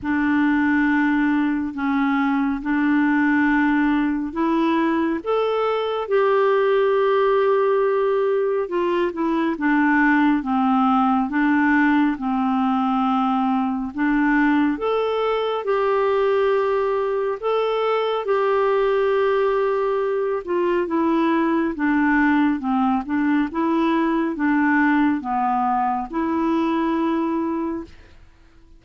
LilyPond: \new Staff \with { instrumentName = "clarinet" } { \time 4/4 \tempo 4 = 69 d'2 cis'4 d'4~ | d'4 e'4 a'4 g'4~ | g'2 f'8 e'8 d'4 | c'4 d'4 c'2 |
d'4 a'4 g'2 | a'4 g'2~ g'8 f'8 | e'4 d'4 c'8 d'8 e'4 | d'4 b4 e'2 | }